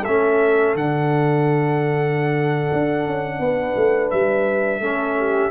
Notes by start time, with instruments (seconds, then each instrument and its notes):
0.00 horn A4, trumpet E5
0.06 tuba A3, trombone C#4
0.74 tuba D3, trombone D4, trumpet F#5
2.72 tuba D4
3.06 tuba C#4
3.39 tuba B3, horn B4
3.76 tuba A3
4.10 tuba G3, trumpet E5
4.79 tuba A3, trombone C#4, horn A4
5.18 horn G4